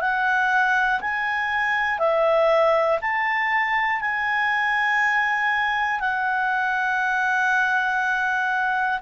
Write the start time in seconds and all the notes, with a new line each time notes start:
0.00 F#5
1.00 G#5
1.99 E5
3.01 A5
4.00 G#5
6.00 F#5